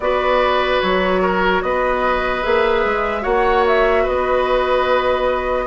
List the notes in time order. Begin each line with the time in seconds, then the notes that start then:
0.00 B3 F#4 B4 D5
0.81 F#3 C#5
1.21 A#4
1.62 B3 B4 D#5
2.42 A#3 G#4 E5
2.84 G#3
3.22 A#3 F#4 C#5 F#5
3.67 E5
4.03 B3 B4 D#5